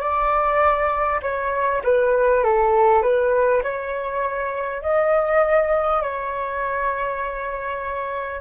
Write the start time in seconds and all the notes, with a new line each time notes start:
0.00 D5
1.22 C#5
1.83 B4
2.43 A4
3.02 B4
3.63 C#5
4.82 D#5
6.02 C#5